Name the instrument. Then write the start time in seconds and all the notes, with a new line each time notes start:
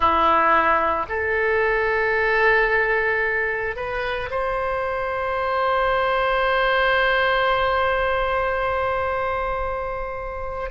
oboe
0.00 E4
1.08 A4
3.75 B4
4.30 C5